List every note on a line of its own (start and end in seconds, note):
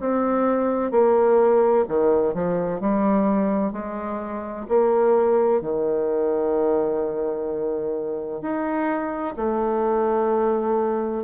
0.00 0.91 C4
0.91 1.85 A#3
1.88 2.34 D#3
2.34 2.80 F3
2.80 3.72 G3
3.72 4.66 G#3
4.68 5.61 A#3
5.61 8.42 D#3
8.42 9.35 D#4
9.36 11.24 A3